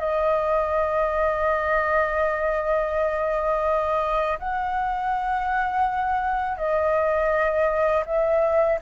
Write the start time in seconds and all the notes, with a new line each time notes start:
0.00 D#5
4.39 F#5
6.58 D#5
8.06 E5